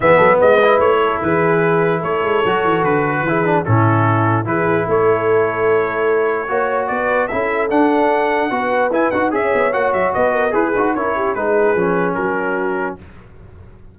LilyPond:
<<
  \new Staff \with { instrumentName = "trumpet" } { \time 4/4 \tempo 4 = 148 e''4 dis''4 cis''4 b'4~ | b'4 cis''2 b'4~ | b'4 a'2 b'4 | cis''1~ |
cis''4 d''4 e''4 fis''4~ | fis''2 gis''8 fis''8 e''4 | fis''8 e''8 dis''4 b'4 cis''4 | b'2 ais'2 | }
  \new Staff \with { instrumentName = "horn" } { \time 4/4 gis'8 a'8 b'4. a'8 gis'4~ | gis'4 a'2. | gis'4 e'2 gis'4 | a'1 |
cis''4 b'4 a'2~ | a'4 b'2 cis''4~ | cis''4 b'8 ais'8 gis'4 ais'8 g'8 | gis'2 fis'2 | }
  \new Staff \with { instrumentName = "trombone" } { \time 4/4 b4. e'2~ e'8~ | e'2 fis'2 | e'8 d'8 cis'2 e'4~ | e'1 |
fis'2 e'4 d'4~ | d'4 fis'4 e'8 fis'8 gis'4 | fis'2 gis'8 fis'8 e'4 | dis'4 cis'2. | }
  \new Staff \with { instrumentName = "tuba" } { \time 4/4 e8 fis8 gis4 a4 e4~ | e4 a8 gis8 fis8 e8 d4 | e4 a,2 e4 | a1 |
ais4 b4 cis'4 d'4~ | d'4 b4 e'8 dis'8 cis'8 b8 | ais8 fis8 b4 e'8 dis'8 cis'4 | gis4 f4 fis2 | }
>>